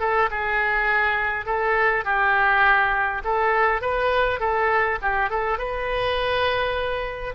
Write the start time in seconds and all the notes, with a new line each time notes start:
0.00 A4
0.31 G#4
1.46 A4
2.05 G4
3.24 A4
3.82 B4
4.40 A4
5.02 G4
5.30 A4
5.58 B4